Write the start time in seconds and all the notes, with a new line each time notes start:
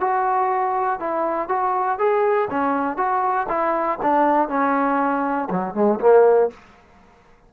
0.00 F#4
1.00 E4
1.49 F#4
1.98 G#4
2.50 C#4
2.97 F#4
3.48 E4
4.02 D4
4.49 C#4
5.50 F#3
5.74 G#3
6.00 A#3